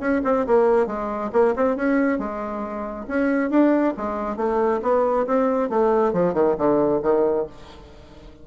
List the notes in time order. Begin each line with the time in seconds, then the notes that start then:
0.00 C#4
0.25 C4
0.47 A#3
0.87 G#3
1.33 A#3
1.56 C4
1.76 C#4
2.19 G#3
3.08 C#4
3.50 D4
3.97 G#3
4.37 A3
4.83 B3
5.27 C4
5.70 A3
6.13 F3
6.34 D#3
6.58 D3
7.03 D#3